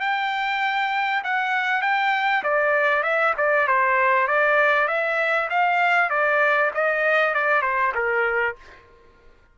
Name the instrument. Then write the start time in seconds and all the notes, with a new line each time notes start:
trumpet
0.00 G5
1.24 F#5
1.82 G5
2.44 D5
3.03 E5
3.37 D5
3.68 C5
4.27 D5
4.88 E5
5.50 F5
6.10 D5
6.74 D#5
7.34 D5
7.62 C5
7.95 A#4